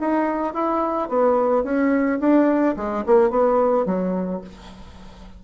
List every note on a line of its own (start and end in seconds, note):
0.00 0.53 D#4
0.53 1.09 E4
1.09 1.63 B3
1.63 2.19 C#4
2.20 2.75 D4
2.76 3.04 G#3
3.06 3.30 A#3
3.30 3.85 B3
3.85 4.41 F#3